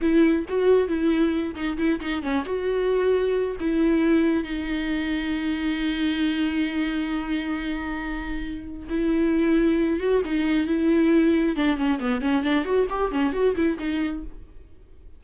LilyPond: \new Staff \with { instrumentName = "viola" } { \time 4/4 \tempo 4 = 135 e'4 fis'4 e'4. dis'8 | e'8 dis'8 cis'8 fis'2~ fis'8 | e'2 dis'2~ | dis'1~ |
dis'1 | e'2~ e'8 fis'8 dis'4 | e'2 d'8 cis'8 b8 cis'8 | d'8 fis'8 g'8 cis'8 fis'8 e'8 dis'4 | }